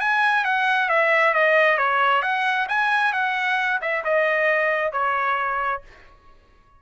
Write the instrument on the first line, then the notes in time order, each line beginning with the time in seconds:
trumpet
0.00 G#5
0.45 F#5
0.89 E5
1.34 D#5
1.78 C#5
2.22 F#5
2.68 G#5
3.13 F#5
3.81 E5
4.04 D#5
4.92 C#5